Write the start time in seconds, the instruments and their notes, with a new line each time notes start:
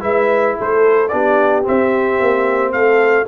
0.00 tuba G#3, trombone E4, horn B4, trumpet E5
0.59 tuba A3, horn A4, trumpet C5
1.08 tuba B3, trombone D4, horn G4, trumpet D5
1.63 trombone C4, tuba C4, trumpet E5
2.20 tuba A#3
2.72 tuba A3, horn A4, trumpet F5